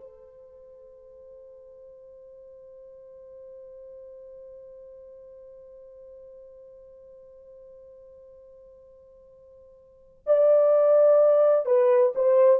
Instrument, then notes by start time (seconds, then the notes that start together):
horn
0.00 C5
10.26 D5
11.65 B4
12.15 C5